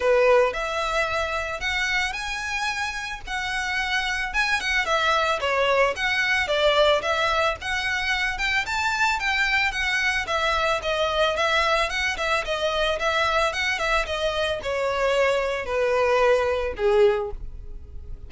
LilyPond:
\new Staff \with { instrumentName = "violin" } { \time 4/4 \tempo 4 = 111 b'4 e''2 fis''4 | gis''2 fis''2 | gis''8 fis''8 e''4 cis''4 fis''4 | d''4 e''4 fis''4. g''8 |
a''4 g''4 fis''4 e''4 | dis''4 e''4 fis''8 e''8 dis''4 | e''4 fis''8 e''8 dis''4 cis''4~ | cis''4 b'2 gis'4 | }